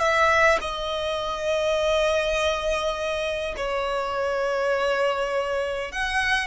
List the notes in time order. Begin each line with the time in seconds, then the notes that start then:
0.00 E5
0.61 D#5
3.57 C#5
5.93 F#5